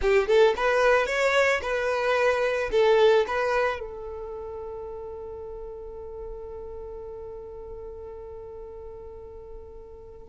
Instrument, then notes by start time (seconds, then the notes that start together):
violin
0.01 G4
0.27 A4
0.56 B4
1.06 C#5
1.61 B4
2.71 A4
3.27 B4
3.79 A4